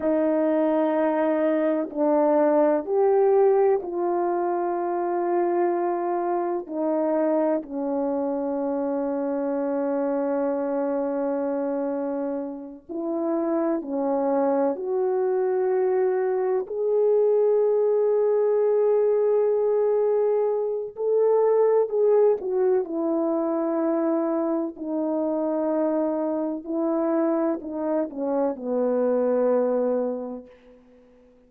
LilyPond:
\new Staff \with { instrumentName = "horn" } { \time 4/4 \tempo 4 = 63 dis'2 d'4 g'4 | f'2. dis'4 | cis'1~ | cis'4. e'4 cis'4 fis'8~ |
fis'4. gis'2~ gis'8~ | gis'2 a'4 gis'8 fis'8 | e'2 dis'2 | e'4 dis'8 cis'8 b2 | }